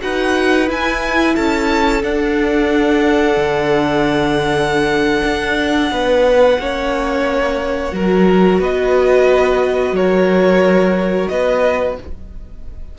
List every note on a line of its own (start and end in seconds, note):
0.00 0.69 D#4
0.00 0.67 F#4
0.00 1.35 B4
0.00 0.69 F#5
0.67 2.02 E4
0.67 1.37 E4
0.67 1.35 G#5
1.35 2.03 C#4
1.35 5.90 A4
1.35 2.03 A5
2.02 6.57 D4
2.02 3.37 D4
2.02 8.61 F#5
3.37 5.22 D3
5.23 5.91 D4
5.91 6.58 B3
5.91 6.60 B4
6.59 7.92 A#3
6.59 7.92 C#4
6.59 7.95 C#5
7.92 8.59 F#3
7.92 11.96 F#4
7.92 8.60 A#4
8.59 9.92 B3
8.59 9.95 B4
8.59 9.96 D#5
9.92 11.27 F#3
9.92 11.31 A#4
9.92 11.28 C#5
11.28 11.98 B3
11.28 11.98 B4
11.28 11.95 D#5